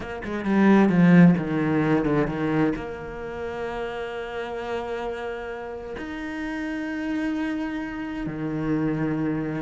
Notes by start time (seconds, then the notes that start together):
0.00 A#3
0.24 G#3
0.45 G3
0.89 F3
1.37 D#3
2.04 D3
2.27 D#3
2.75 A#3
5.97 D#4
8.26 D#3